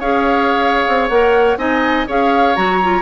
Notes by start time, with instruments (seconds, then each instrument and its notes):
0.00 bassoon C#4, clarinet G#4, oboe C#5, flute F5
0.88 bassoon C4
1.09 bassoon A#3, clarinet A#4, flute F#5
1.57 bassoon C4, clarinet D#4, oboe D#5, flute G#5
2.07 bassoon C#4, clarinet G#4, oboe C#5, flute F5
2.56 bassoon F#3, clarinet F#4, flute A#5
2.83 clarinet F4